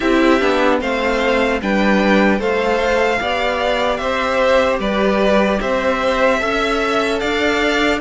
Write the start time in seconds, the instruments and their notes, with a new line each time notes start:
0.00 cello C4, viola E4, violin G4 E5
0.40 cello B3, viola D4
0.80 cello A3, viola C4, violin C5 F5
1.61 cello G3, viola D4, violin B4 G5
2.39 cello A3, viola A4, violin C5 F5
3.20 cello B3, viola G4, violin D5
3.96 cello C4, violin C5 E5
4.79 cello G3, violin B4 D5
5.60 cello C4, violin C5 E5
6.39 cello C#4, viola A4, violin E5
7.19 cello D4, violin D5 F5